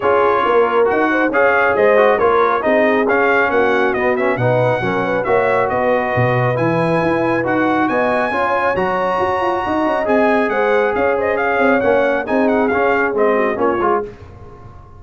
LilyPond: <<
  \new Staff \with { instrumentName = "trumpet" } { \time 4/4 \tempo 4 = 137 cis''2 fis''4 f''4 | dis''4 cis''4 dis''4 f''4 | fis''4 dis''8 e''8 fis''2 | e''4 dis''2 gis''4~ |
gis''4 fis''4 gis''2 | ais''2. gis''4 | fis''4 f''8 dis''8 f''4 fis''4 | gis''8 fis''8 f''4 dis''4 cis''4 | }
  \new Staff \with { instrumentName = "horn" } { \time 4/4 gis'4 ais'4. c''8 cis''4 | c''4 ais'4 gis'2 | fis'2 b'4 ais'8 b'8 | cis''4 b'2.~ |
b'2 dis''4 cis''4~ | cis''2 dis''2 | c''4 cis''8 c''8 cis''2 | gis'2~ gis'8 fis'8 f'4 | }
  \new Staff \with { instrumentName = "trombone" } { \time 4/4 f'2 fis'4 gis'4~ | gis'8 fis'8 f'4 dis'4 cis'4~ | cis'4 b8 cis'8 dis'4 cis'4 | fis'2. e'4~ |
e'4 fis'2 f'4 | fis'2. gis'4~ | gis'2. cis'4 | dis'4 cis'4 c'4 cis'8 f'8 | }
  \new Staff \with { instrumentName = "tuba" } { \time 4/4 cis'4 ais4 dis'4 cis'4 | gis4 ais4 c'4 cis'4 | ais4 b4 b,4 fis4 | ais4 b4 b,4 e4 |
e'4 dis'4 b4 cis'4 | fis4 fis'8 f'8 dis'8 cis'8 c'4 | gis4 cis'4. c'8 ais4 | c'4 cis'4 gis4 ais8 gis8 | }
>>